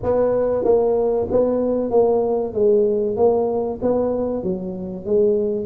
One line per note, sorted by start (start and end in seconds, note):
0.03 0.64 B3
0.64 1.27 A#3
1.30 1.90 B3
1.90 2.53 A#3
2.53 3.16 G#3
3.16 3.79 A#3
3.82 4.43 B3
4.43 5.05 F#3
5.05 5.66 G#3